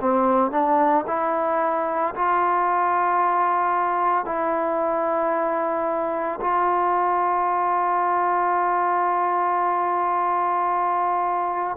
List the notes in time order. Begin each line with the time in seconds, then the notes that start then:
0.00 C4
0.51 D4
1.07 E4
2.15 F4
4.25 E4
6.40 F4